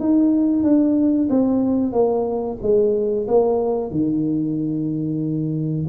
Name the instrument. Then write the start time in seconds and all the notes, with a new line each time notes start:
tuba
0.00 D#4
0.64 D4
1.30 C4
1.93 A#3
2.62 G#3
3.28 A#3
3.91 D#3